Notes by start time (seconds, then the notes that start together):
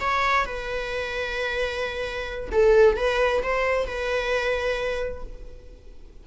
0.00 C#5
0.45 B4
2.51 A4
2.96 B4
3.43 C5
3.86 B4